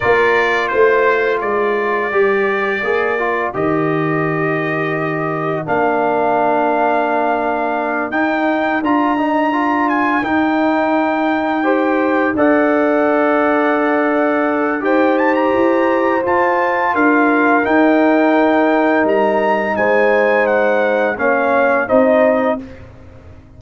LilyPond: <<
  \new Staff \with { instrumentName = "trumpet" } { \time 4/4 \tempo 4 = 85 d''4 c''4 d''2~ | d''4 dis''2. | f''2.~ f''8 g''8~ | g''8 ais''4. gis''8 g''4.~ |
g''4. fis''2~ fis''8~ | fis''4 g''8 a''16 ais''4~ ais''16 a''4 | f''4 g''2 ais''4 | gis''4 fis''4 f''4 dis''4 | }
  \new Staff \with { instrumentName = "horn" } { \time 4/4 ais'4 c''4 ais'2~ | ais'1~ | ais'1~ | ais'1~ |
ais'8 c''4 d''2~ d''8~ | d''4 c''2. | ais'1 | c''2 cis''4 c''4 | }
  \new Staff \with { instrumentName = "trombone" } { \time 4/4 f'2. g'4 | gis'8 f'8 g'2. | d'2.~ d'8 dis'8~ | dis'8 f'8 dis'8 f'4 dis'4.~ |
dis'8 g'4 a'2~ a'8~ | a'4 g'2 f'4~ | f'4 dis'2.~ | dis'2 cis'4 dis'4 | }
  \new Staff \with { instrumentName = "tuba" } { \time 4/4 ais4 a4 gis4 g4 | ais4 dis2. | ais2.~ ais8 dis'8~ | dis'8 d'2 dis'4.~ |
dis'4. d'2~ d'8~ | d'4 dis'4 e'4 f'4 | d'4 dis'2 g4 | gis2 ais4 c'4 | }
>>